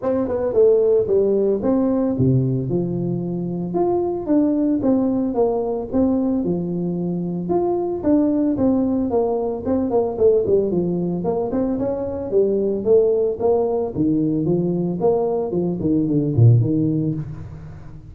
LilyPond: \new Staff \with { instrumentName = "tuba" } { \time 4/4 \tempo 4 = 112 c'8 b8 a4 g4 c'4 | c4 f2 f'4 | d'4 c'4 ais4 c'4 | f2 f'4 d'4 |
c'4 ais4 c'8 ais8 a8 g8 | f4 ais8 c'8 cis'4 g4 | a4 ais4 dis4 f4 | ais4 f8 dis8 d8 ais,8 dis4 | }